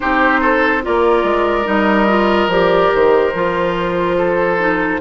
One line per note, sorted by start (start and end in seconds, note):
0.00 0.86 C4
0.00 0.82 D#4
0.00 0.40 G4
0.00 0.84 C5
0.40 0.82 A4
0.82 1.23 A#3
0.82 1.64 F4
0.82 4.17 A#4
0.82 1.67 D5
1.23 1.65 G#3
1.64 2.47 G3
1.64 2.06 D#4
1.64 2.50 D#5
2.08 2.49 F4
2.47 2.89 F3
2.47 3.33 G4
2.47 2.93 D5
2.94 3.34 D#3
2.94 5.01 C5
3.34 5.00 F3
3.34 4.58 F4
4.17 5.01 A4
4.58 5.00 D#4